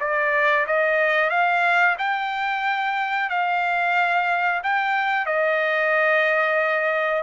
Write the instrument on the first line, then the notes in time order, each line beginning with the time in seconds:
trumpet
0.00 D5
0.67 D#5
1.30 F5
1.98 G5
3.29 F5
4.63 G5
5.26 D#5